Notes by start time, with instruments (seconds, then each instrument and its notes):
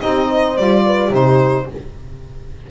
0.00 double bass C4, saxophone D#4, horn G4, violin D#5
0.27 horn C5
0.57 double bass G3, saxophone F4, violin D5
0.85 horn B4
1.10 double bass C3, saxophone D#4, horn G4, violin C5